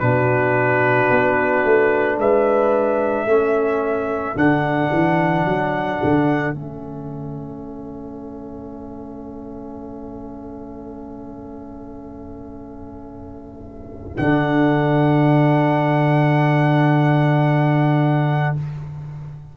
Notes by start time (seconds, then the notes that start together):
0.00 B2 D4 F#4 B4
1.11 B3
1.65 A3
2.18 G#3 B4 E5
3.26 A3 C#4 A4
4.36 D3 D4 F#5
4.93 E3
5.45 F#3
6.04 D3
6.54 A3 C#4 E5
14.18 D3 D4 F#5